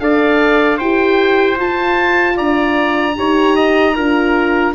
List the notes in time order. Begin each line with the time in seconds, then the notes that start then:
0.00 D4 A4 D5 F5
0.77 E4 G4 C5 G5
1.56 F4 A5
2.37 D4 D5 A#5
3.16 D#4 G4 C#5
3.56 D#5
3.96 D4 F4 A#4